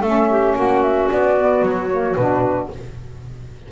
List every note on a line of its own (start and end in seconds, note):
0.00 0.55 A3
0.00 1.37 C#4
0.00 0.27 A4
0.00 0.56 E5
0.30 0.56 G4
0.56 1.09 A#3
0.56 2.71 F#4
0.56 0.82 F#5
0.82 1.09 E5
1.11 1.62 B3
1.11 1.64 D5
1.37 1.90 B3
1.62 2.16 F#3
1.62 2.15 C#5
1.91 2.17 A#3
2.15 2.70 B2
2.15 2.72 D4
2.15 2.68 B4